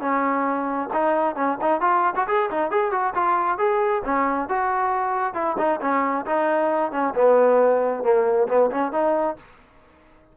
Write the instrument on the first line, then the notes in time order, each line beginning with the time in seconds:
trombone
0.00 C#4
0.93 D#4
1.35 C#4
1.61 D#4
1.81 F4
2.16 F#4
2.27 G#4
2.50 D#4
2.71 G#4
2.91 F#4
3.14 F4
3.58 G#4
4.05 C#4
4.48 F#4
5.34 E4
5.58 D#4
5.81 C#4
6.26 D#4
6.92 C#4
7.14 B3
8.03 A#3
8.48 B3
8.70 C#4
8.92 D#4